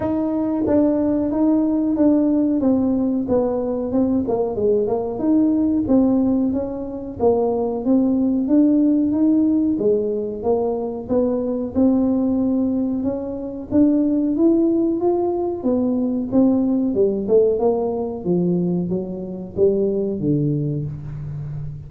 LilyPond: \new Staff \with { instrumentName = "tuba" } { \time 4/4 \tempo 4 = 92 dis'4 d'4 dis'4 d'4 | c'4 b4 c'8 ais8 gis8 ais8 | dis'4 c'4 cis'4 ais4 | c'4 d'4 dis'4 gis4 |
ais4 b4 c'2 | cis'4 d'4 e'4 f'4 | b4 c'4 g8 a8 ais4 | f4 fis4 g4 d4 | }